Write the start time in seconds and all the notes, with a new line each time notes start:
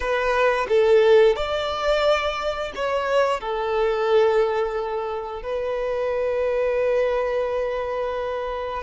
0.00 B4
0.68 A4
1.35 D5
2.75 C#5
3.40 A4
5.42 B4